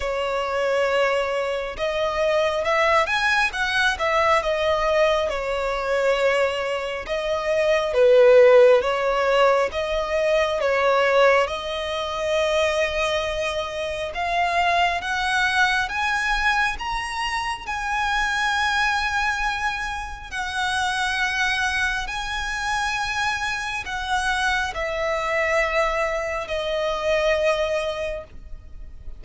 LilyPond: \new Staff \with { instrumentName = "violin" } { \time 4/4 \tempo 4 = 68 cis''2 dis''4 e''8 gis''8 | fis''8 e''8 dis''4 cis''2 | dis''4 b'4 cis''4 dis''4 | cis''4 dis''2. |
f''4 fis''4 gis''4 ais''4 | gis''2. fis''4~ | fis''4 gis''2 fis''4 | e''2 dis''2 | }